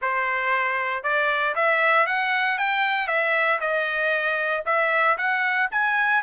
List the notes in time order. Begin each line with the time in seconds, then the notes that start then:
0.01 C5
1.03 D5
1.55 E5
2.06 F#5
2.57 G5
3.07 E5
3.60 D#5
4.65 E5
5.17 F#5
5.71 G#5